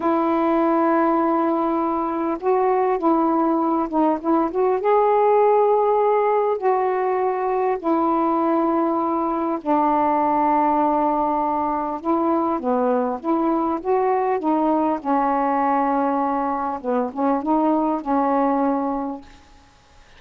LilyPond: \new Staff \with { instrumentName = "saxophone" } { \time 4/4 \tempo 4 = 100 e'1 | fis'4 e'4. dis'8 e'8 fis'8 | gis'2. fis'4~ | fis'4 e'2. |
d'1 | e'4 b4 e'4 fis'4 | dis'4 cis'2. | b8 cis'8 dis'4 cis'2 | }